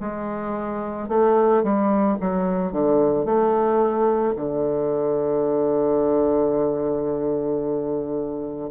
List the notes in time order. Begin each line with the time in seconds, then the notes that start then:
0.00 G#3
1.09 A3
1.64 G3
2.21 F#3
2.73 D3
3.26 A3
4.36 D3